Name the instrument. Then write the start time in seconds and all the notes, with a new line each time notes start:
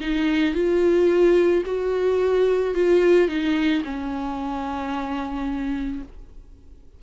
viola
0.00 D#4
0.54 F4
1.65 F#4
2.74 F4
3.28 D#4
3.84 C#4